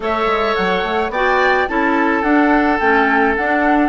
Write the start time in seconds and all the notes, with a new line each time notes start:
0.00 A3 A4 C#5 E5
0.26 G#3
0.54 F#3 F#5
0.83 A3
1.09 B3 F#4 D5 G5
1.67 C#4 E4 A4 A5
2.22 D4 F#5
2.79 A3 C#4 G5
3.35 D4 F#5